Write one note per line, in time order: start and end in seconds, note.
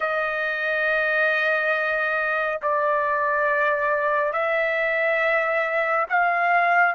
0.00 2.59 D#5
2.62 4.32 D5
4.32 6.06 E5
6.09 6.95 F5